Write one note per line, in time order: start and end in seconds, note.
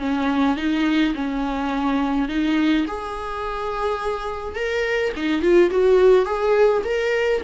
0.00 0.57 C#4
0.57 1.14 D#4
1.15 2.29 C#4
2.29 2.86 D#4
2.88 4.56 G#4
4.56 5.13 A#4
5.17 5.42 D#4
5.42 5.71 F4
5.71 6.26 F#4
6.26 6.83 G#4
6.85 7.42 A#4